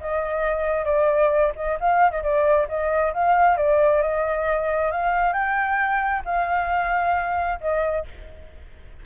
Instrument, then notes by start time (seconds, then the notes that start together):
flute
0.00 D#5
0.85 D5
1.55 D#5
1.80 F5
2.11 D#5
2.23 D5
2.68 D#5
3.13 F5
3.57 D5
4.02 D#5
4.92 F5
5.33 G5
6.25 F5
7.61 D#5